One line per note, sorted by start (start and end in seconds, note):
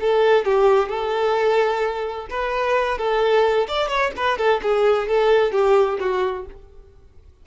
0.00 0.45 A4
0.45 0.88 G4
0.88 2.27 A4
2.30 2.97 B4
2.97 3.67 A4
3.68 3.87 D5
3.87 4.11 C#5
4.16 4.37 B4
4.37 4.60 A4
4.62 5.07 G#4
5.07 5.52 A4
5.52 5.98 G4
5.99 6.45 F#4